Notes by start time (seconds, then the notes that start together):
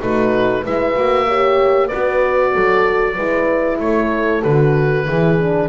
0.00 A3 D#4 F#4 B4
0.62 G#3 E4 B4 E5
0.95 A#3 F#4
1.27 G4 C#5
1.87 F#4 B4 D5
1.94 B3
2.52 F#3 A4
3.15 G#3 E4 B4
3.80 A3 A4 C#5
4.43 D3 F#4 B4
5.06 E3 E4 G#4
5.40 D4